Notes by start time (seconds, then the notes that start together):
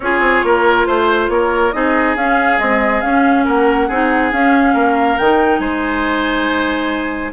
0.00 C#4 F4 G#4 C#5
0.20 C4
0.43 A#3 A#4
0.86 A3 C5
1.28 A#3 A#4 C#5
1.72 C4 D#4 G#4 D#5
2.15 C#4 F5
2.57 G#3 C4 D#5
3.01 C#4 F5
3.44 A#3 A#4 F#5
3.87 C4 D#4 G#4
4.32 C#4 F5
4.73 A#3 A#4
5.17 D#3 D#4 G5
5.58 G#3 C5 G#5